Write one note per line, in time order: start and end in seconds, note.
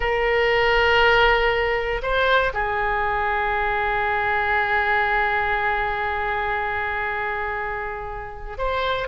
0.00 2.01 A#4
2.02 2.52 C5
2.53 8.57 G#4
8.57 9.08 C5